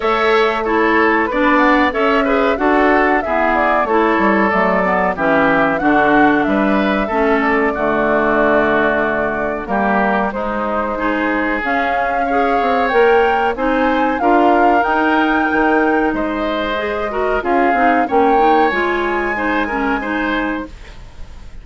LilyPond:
<<
  \new Staff \with { instrumentName = "flute" } { \time 4/4 \tempo 4 = 93 e''4 cis''4 b'8 fis''8 e''4 | fis''4 e''8 d''8 cis''4 d''4 | e''4 fis''4 e''4. d''8~ | d''2. ais'4 |
c''2 f''2 | g''4 gis''4 f''4 g''4~ | g''4 dis''2 f''4 | g''4 gis''2. | }
  \new Staff \with { instrumentName = "oboe" } { \time 4/4 cis''4 a'4 d''4 cis''8 b'8 | a'4 gis'4 a'2 | g'4 fis'4 b'4 a'4 | fis'2. g'4 |
dis'4 gis'2 cis''4~ | cis''4 c''4 ais'2~ | ais'4 c''4. ais'8 gis'4 | cis''2 c''8 ais'8 c''4 | }
  \new Staff \with { instrumentName = "clarinet" } { \time 4/4 a'4 e'4 d'4 a'8 gis'8 | fis'4 b4 e'4 a8 b8 | cis'4 d'2 cis'4 | a2. ais4 |
gis4 dis'4 cis'4 gis'4 | ais'4 dis'4 f'4 dis'4~ | dis'2 gis'8 fis'8 f'8 dis'8 | cis'8 dis'8 f'4 dis'8 cis'8 dis'4 | }
  \new Staff \with { instrumentName = "bassoon" } { \time 4/4 a2 b4 cis'4 | d'4 e'4 a8 g8 fis4 | e4 d4 g4 a4 | d2. g4 |
gis2 cis'4. c'8 | ais4 c'4 d'4 dis'4 | dis4 gis2 cis'8 c'8 | ais4 gis2. | }
>>